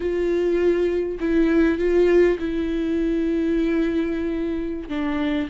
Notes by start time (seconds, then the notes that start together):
0.00 F4
1.19 E4
1.78 F4
2.39 E4
4.88 D4